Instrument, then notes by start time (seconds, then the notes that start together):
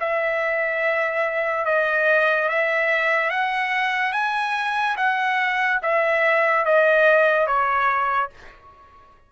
trumpet
0.00 E5
1.66 D#5
2.49 E5
3.30 F#5
4.13 G#5
4.97 F#5
5.83 E5
6.66 D#5
7.47 C#5